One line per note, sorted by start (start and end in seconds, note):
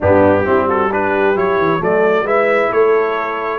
0.00 0.46 G2
0.00 0.44 B3
0.00 0.44 D4
0.00 0.69 G4
0.44 1.34 G3
0.44 0.89 C4
0.44 0.67 E4
0.68 0.90 F#4
0.68 0.92 A4
0.91 1.35 D4
0.91 1.81 G4
0.91 1.37 B4
1.34 1.57 F#3
1.34 1.79 E4
1.34 1.82 C#5
1.57 1.80 E3
1.79 2.22 F#3
1.79 2.24 A3
1.79 2.25 A4
1.79 2.27 D5
2.22 2.67 G#3
2.22 3.59 E4
2.22 2.70 B4
2.22 2.72 E5
2.70 3.59 A3
2.70 3.59 A4
2.70 3.59 C#5